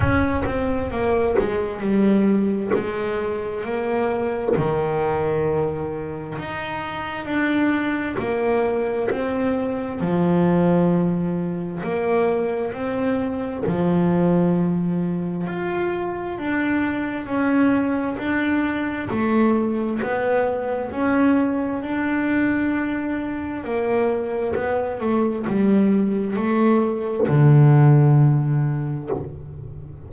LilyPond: \new Staff \with { instrumentName = "double bass" } { \time 4/4 \tempo 4 = 66 cis'8 c'8 ais8 gis8 g4 gis4 | ais4 dis2 dis'4 | d'4 ais4 c'4 f4~ | f4 ais4 c'4 f4~ |
f4 f'4 d'4 cis'4 | d'4 a4 b4 cis'4 | d'2 ais4 b8 a8 | g4 a4 d2 | }